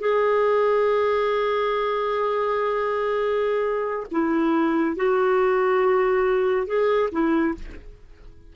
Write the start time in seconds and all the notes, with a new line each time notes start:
0.00 G#4
4.12 E4
4.96 F#4
6.67 G#4
7.12 E4